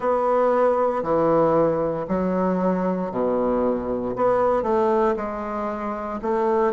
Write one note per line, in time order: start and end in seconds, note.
0.00 1.03 B3
1.03 2.06 E3
2.07 3.11 F#3
3.11 4.14 B2
4.16 4.63 B3
4.63 5.14 A3
5.16 6.20 G#3
6.22 6.73 A3